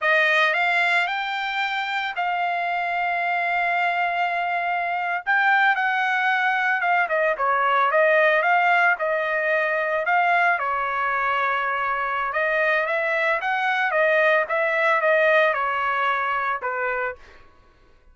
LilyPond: \new Staff \with { instrumentName = "trumpet" } { \time 4/4 \tempo 4 = 112 dis''4 f''4 g''2 | f''1~ | f''4.~ f''16 g''4 fis''4~ fis''16~ | fis''8. f''8 dis''8 cis''4 dis''4 f''16~ |
f''8. dis''2 f''4 cis''16~ | cis''2. dis''4 | e''4 fis''4 dis''4 e''4 | dis''4 cis''2 b'4 | }